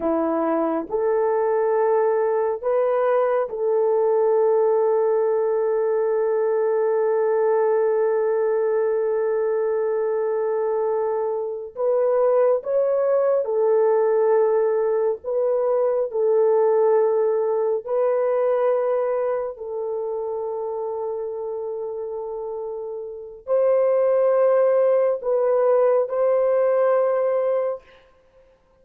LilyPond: \new Staff \with { instrumentName = "horn" } { \time 4/4 \tempo 4 = 69 e'4 a'2 b'4 | a'1~ | a'1~ | a'4. b'4 cis''4 a'8~ |
a'4. b'4 a'4.~ | a'8 b'2 a'4.~ | a'2. c''4~ | c''4 b'4 c''2 | }